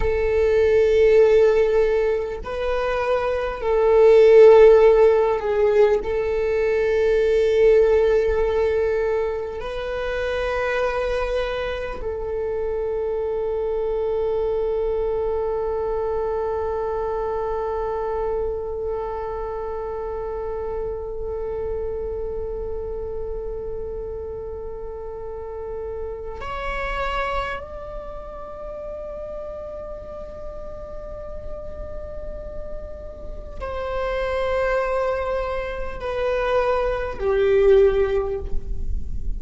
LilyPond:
\new Staff \with { instrumentName = "viola" } { \time 4/4 \tempo 4 = 50 a'2 b'4 a'4~ | a'8 gis'8 a'2. | b'2 a'2~ | a'1~ |
a'1~ | a'2 cis''4 d''4~ | d''1 | c''2 b'4 g'4 | }